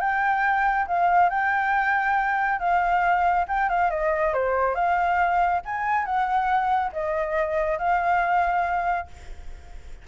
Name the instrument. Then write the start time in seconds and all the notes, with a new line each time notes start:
flute
0.00 G5
0.87 F5
1.30 G5
2.59 F5
3.48 G5
3.69 F5
3.90 D#5
4.33 C5
4.75 F5
5.65 G#5
6.05 F#5
6.93 D#5
7.78 F5